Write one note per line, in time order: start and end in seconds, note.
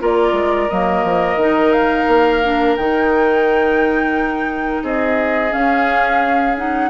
0.00 0.33 A#3
0.00 0.69 F4
0.00 4.83 A#4
0.00 0.70 D5
0.33 0.67 G#3
0.70 1.04 F#3
0.70 1.40 A#3
0.70 1.73 D#5
1.04 1.36 F3
1.36 2.05 D#3
1.36 2.43 D#4
1.73 2.76 F5
2.08 2.77 A#3
2.44 2.78 D4
2.77 4.83 D#3
2.77 5.50 D#4
2.77 4.84 G5
4.83 5.52 C4
4.83 6.90 G#4
4.83 5.53 D#5
5.50 6.54 C#4
5.50 6.90 C#4
5.50 6.57 F5
6.57 6.90 D#4
6.57 6.90 F#5